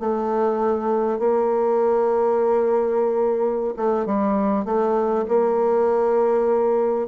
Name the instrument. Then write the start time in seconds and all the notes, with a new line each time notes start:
bassoon
0.00 A3
1.19 A#3
3.77 A3
4.06 G3
4.65 A3
5.28 A#3